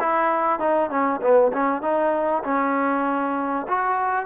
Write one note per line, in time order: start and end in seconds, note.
0.00 0.60 E4
0.60 0.90 D#4
0.90 1.21 C#4
1.21 1.52 B3
1.53 1.82 C#4
1.82 2.43 D#4
2.44 3.67 C#4
3.68 4.26 F#4